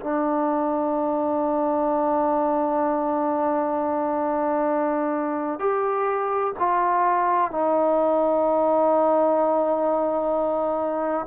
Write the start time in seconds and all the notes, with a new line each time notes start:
0.00 D4
5.60 G4
6.59 F4
7.51 D#4